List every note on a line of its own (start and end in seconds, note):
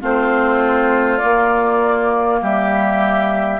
0.00 1.22 A3
0.00 1.21 C4
0.00 2.40 F4
0.00 1.18 C5
1.18 3.60 A#3
1.18 2.41 A#3
1.18 2.38 D5
2.41 3.60 G3
2.41 3.60 G4
2.41 3.60 E5